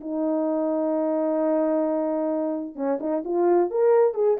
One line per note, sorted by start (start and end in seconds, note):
0.00 2.75 D#4
2.75 2.98 C#4
3.00 3.23 D#4
3.24 3.70 F4
3.70 4.14 A#4
4.14 4.37 G#4